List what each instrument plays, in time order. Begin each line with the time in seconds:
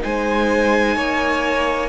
0.00 cello G#3, viola D#4, violin C5 G#5
0.97 cello A#3, violin C#5